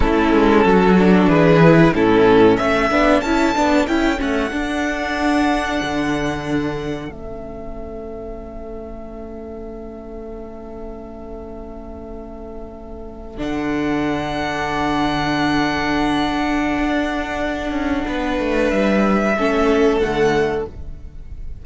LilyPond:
<<
  \new Staff \with { instrumentName = "violin" } { \time 4/4 \tempo 4 = 93 a'2 b'4 a'4 | e''4 a''4 g''8 fis''4.~ | fis''2. e''4~ | e''1~ |
e''1~ | e''8. fis''2.~ fis''16~ | fis''1~ | fis''4 e''2 fis''4 | }
  \new Staff \with { instrumentName = "violin" } { \time 4/4 e'4 fis'4 gis'4 e'4 | a'1~ | a'1~ | a'1~ |
a'1~ | a'1~ | a'1 | b'2 a'2 | }
  \new Staff \with { instrumentName = "viola" } { \time 4/4 cis'4. d'4 e'8 cis'4~ | cis'8 d'8 e'8 d'8 e'8 cis'8 d'4~ | d'2. cis'4~ | cis'1~ |
cis'1~ | cis'8. d'2.~ d'16~ | d'1~ | d'2 cis'4 a4 | }
  \new Staff \with { instrumentName = "cello" } { \time 4/4 a8 gis8 fis4 e4 a,4 | a8 b8 cis'8 b8 cis'8 a8 d'4~ | d'4 d2 a4~ | a1~ |
a1~ | a8. d2.~ d16~ | d2 d'4. cis'8 | b8 a8 g4 a4 d4 | }
>>